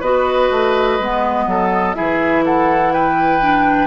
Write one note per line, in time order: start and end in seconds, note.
0.00 0.49 B3
0.00 1.00 F#4
0.00 1.45 B4
0.00 1.94 D#5
0.50 0.99 A3
0.99 1.46 G#3
0.99 1.94 B3
1.46 1.95 F#3
1.46 1.96 A4
1.94 3.87 E3
1.94 3.40 E4
1.94 2.44 G#4
1.94 2.43 E5
2.45 2.93 A4
2.45 2.93 F#5
2.93 3.87 B4
2.93 3.87 G5
3.40 3.87 D4